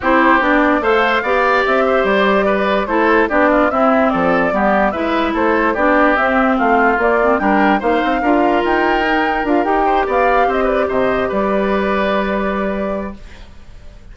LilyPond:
<<
  \new Staff \with { instrumentName = "flute" } { \time 4/4 \tempo 4 = 146 c''4 d''4 f''2 | e''4 d''2 c''4 | d''4 e''4 d''2 | e''4 c''4 d''4 e''4 |
f''4 d''4 g''4 f''4~ | f''4 g''2 f''8 g''8~ | g''8 f''4 dis''8 d''8 dis''4 d''8~ | d''1 | }
  \new Staff \with { instrumentName = "oboe" } { \time 4/4 g'2 c''4 d''4~ | d''8 c''4. b'4 a'4 | g'8 f'8 e'4 a'4 g'4 | b'4 a'4 g'2 |
f'2 ais'4 c''4 | ais'1 | c''8 d''4 c''8 b'8 c''4 b'8~ | b'1 | }
  \new Staff \with { instrumentName = "clarinet" } { \time 4/4 e'4 d'4 a'4 g'4~ | g'2. e'4 | d'4 c'2 b4 | e'2 d'4 c'4~ |
c'4 ais8 c'8 d'4 dis'4 | f'2 dis'4 f'8 g'8~ | g'1~ | g'1 | }
  \new Staff \with { instrumentName = "bassoon" } { \time 4/4 c'4 b4 a4 b4 | c'4 g2 a4 | b4 c'4 f4 g4 | gis4 a4 b4 c'4 |
a4 ais4 g4 ais8 c'8 | d'4 dis'2 d'8 dis'8~ | dis'8 b4 c'4 c4 g8~ | g1 | }
>>